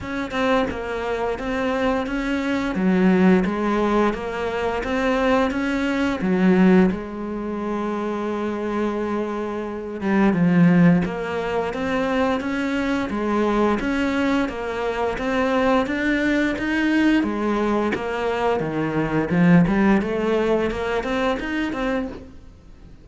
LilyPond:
\new Staff \with { instrumentName = "cello" } { \time 4/4 \tempo 4 = 87 cis'8 c'8 ais4 c'4 cis'4 | fis4 gis4 ais4 c'4 | cis'4 fis4 gis2~ | gis2~ gis8 g8 f4 |
ais4 c'4 cis'4 gis4 | cis'4 ais4 c'4 d'4 | dis'4 gis4 ais4 dis4 | f8 g8 a4 ais8 c'8 dis'8 c'8 | }